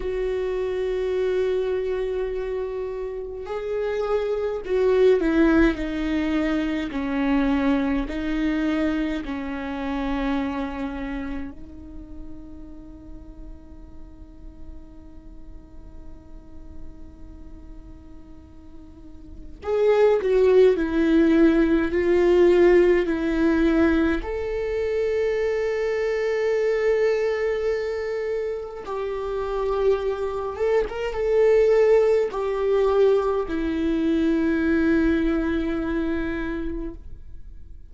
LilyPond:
\new Staff \with { instrumentName = "viola" } { \time 4/4 \tempo 4 = 52 fis'2. gis'4 | fis'8 e'8 dis'4 cis'4 dis'4 | cis'2 dis'2~ | dis'1~ |
dis'4 gis'8 fis'8 e'4 f'4 | e'4 a'2.~ | a'4 g'4. a'16 ais'16 a'4 | g'4 e'2. | }